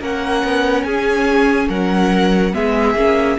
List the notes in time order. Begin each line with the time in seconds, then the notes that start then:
0.00 A#3 C#4 A#4 F#5
0.43 B3
0.83 C#4 G#4 G#5
1.68 F#3 A#4 F#5
2.53 G#3 B3 G#4 E5
2.94 A#3 C#4